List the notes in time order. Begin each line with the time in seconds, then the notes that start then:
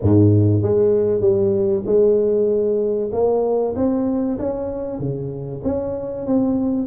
0.01 G#2
0.62 G#3
1.20 G3
1.86 G#3
3.12 A#3
3.76 C4
4.38 C#4
4.99 C#3
5.63 C#4
6.26 C4